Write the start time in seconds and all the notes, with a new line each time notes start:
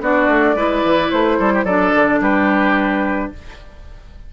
0.00 B3 D4 F#4 D5
0.27 A3
0.54 G#3 E4 B4
0.83 E3
1.10 A3 C5
1.39 G3 A4
1.53 G4
1.64 F#3 D4 A4 D5
1.94 D3
2.20 G3 G4 B4